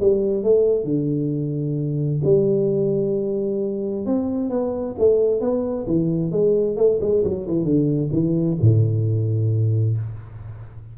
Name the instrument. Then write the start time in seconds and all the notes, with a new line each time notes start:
tuba
0.00 G3
0.43 A3
0.84 D3
2.24 G3
4.06 C4
4.50 B3
4.99 A3
5.40 B3
5.87 E3
6.31 G#3
6.77 A3
7.01 G#3
7.24 F#3
7.47 E3
7.64 D3
8.12 E3
8.61 A2